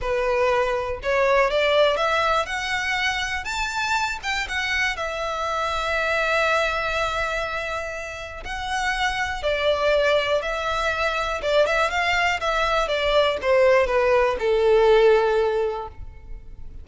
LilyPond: \new Staff \with { instrumentName = "violin" } { \time 4/4 \tempo 4 = 121 b'2 cis''4 d''4 | e''4 fis''2 a''4~ | a''8 g''8 fis''4 e''2~ | e''1~ |
e''4 fis''2 d''4~ | d''4 e''2 d''8 e''8 | f''4 e''4 d''4 c''4 | b'4 a'2. | }